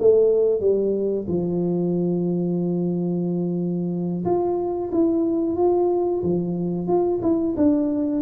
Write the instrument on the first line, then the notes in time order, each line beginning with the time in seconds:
tuba
0.00 A3
0.61 G3
1.28 F3
4.25 F4
4.92 E4
5.57 F4
6.23 F3
6.88 F4
7.23 E4
7.57 D4